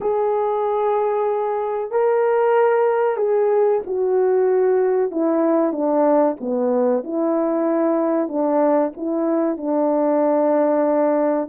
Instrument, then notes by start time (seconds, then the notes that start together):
horn
0.00 G#4
1.91 A#4
3.17 G#4
3.86 F#4
5.11 E4
5.72 D4
6.40 B3
7.03 E4
8.28 D4
8.97 E4
9.57 D4